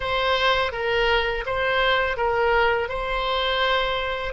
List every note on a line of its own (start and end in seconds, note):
0.00 0.72 C5
0.72 1.44 A#4
1.46 2.17 C5
2.17 2.88 A#4
2.88 4.33 C5